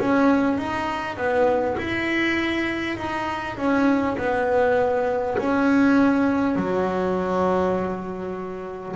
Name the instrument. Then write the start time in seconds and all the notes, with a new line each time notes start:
double bass
0.00 C#4
0.58 D#4
1.17 B3
1.77 E4
2.97 D#4
3.57 C#4
4.17 B3
5.37 C#4
6.56 F#3